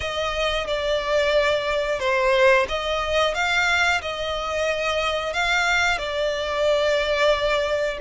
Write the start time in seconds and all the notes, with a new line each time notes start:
0.00 D#5
0.67 D5
1.99 C5
2.68 D#5
3.34 F5
4.01 D#5
5.33 F5
5.98 D5